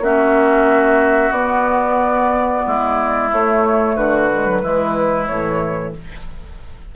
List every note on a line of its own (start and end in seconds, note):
0.00 1.31 A#3
0.00 1.34 C#4
0.00 2.66 F#4
0.00 1.33 E5
1.31 2.62 B3
1.31 3.31 B3
1.31 3.30 D5
2.66 3.32 G#3
2.66 3.96 E4
3.31 4.30 A3
3.31 3.96 A3
3.31 3.96 C#5
3.96 4.62 D3
3.96 4.62 F#4
3.96 5.27 B4
4.32 4.46 G#3
4.46 4.62 F#3
4.62 5.29 E3
4.62 5.28 G#3
4.62 5.95 E4
5.27 5.95 A2
5.27 5.96 E3
5.27 5.93 C#5